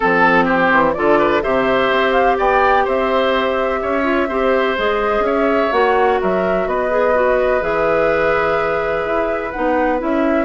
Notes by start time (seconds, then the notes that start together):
0.00 F3 C4 A4
0.44 G4 C5
0.71 E3
0.93 D3 F4 A4 D5
1.18 B4
1.41 C3 G4 C5 E5
1.91 C4
2.12 F5
2.37 B3 D5 G5
2.84 C4 C5 E5
3.82 C#4 C#5
4.03 F4
4.28 C4 G4 C5
4.77 G#3 G#4 D#5
5.19 C#4 E5
5.26 C#5
5.71 A#3 F#4 F#5
6.20 F#3 A#4 E5
6.67 B3 B4 D#5
6.90 G#4
7.14 F#4
7.60 E3 G#4 E5
9.05 E4
9.51 B3 D#4 F#5
9.98 C#4 E4 E5